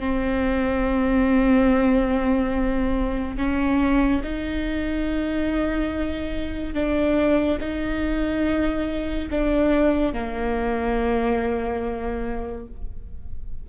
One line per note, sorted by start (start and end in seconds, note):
0.00 3.38 C4
3.38 4.22 C#4
4.23 6.74 D#4
6.74 7.59 D4
7.61 9.30 D#4
9.31 10.13 D4
10.13 12.67 A#3